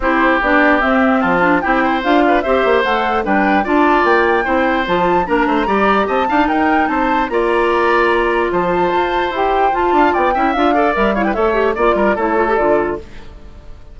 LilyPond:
<<
  \new Staff \with { instrumentName = "flute" } { \time 4/4 \tempo 4 = 148 c''4 d''4 e''4 a''4 | g''4 f''4 e''4 fis''4 | g''4 a''4 g''2 | a''4 ais''2 a''4 |
g''4 a''4 ais''2~ | ais''4 a''2 g''4 | a''4 g''4 f''4 e''8 f''16 g''16 | e''4 d''4 cis''4 d''4 | }
  \new Staff \with { instrumentName = "oboe" } { \time 4/4 g'2. f'4 | g'8 c''4 b'8 c''2 | b'4 d''2 c''4~ | c''4 ais'8 c''8 d''4 dis''8 f''8 |
ais'4 c''4 d''2~ | d''4 c''2.~ | c''8 f''8 d''8 e''4 d''4 cis''16 b'16 | cis''4 d''8 ais'8 a'2 | }
  \new Staff \with { instrumentName = "clarinet" } { \time 4/4 e'4 d'4 c'4. d'8 | e'4 f'4 g'4 a'4 | d'4 f'2 e'4 | f'4 d'4 g'4. dis'8~ |
dis'2 f'2~ | f'2. g'4 | f'4. e'8 f'8 a'8 ais'8 e'8 | a'8 g'8 f'4 e'8 f'16 g'16 f'4 | }
  \new Staff \with { instrumentName = "bassoon" } { \time 4/4 c'4 b4 c'4 f4 | c'4 d'4 c'8 ais8 a4 | g4 d'4 ais4 c'4 | f4 ais8 a8 g4 c'8 d'8 |
dis'4 c'4 ais2~ | ais4 f4 f'4 e'4 | f'8 d'8 b8 cis'8 d'4 g4 | a4 ais8 g8 a4 d4 | }
>>